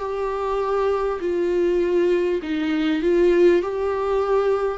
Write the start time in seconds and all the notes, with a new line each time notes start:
0.00 G4
1.21 F4
2.43 D#4
3.02 F4
3.62 G4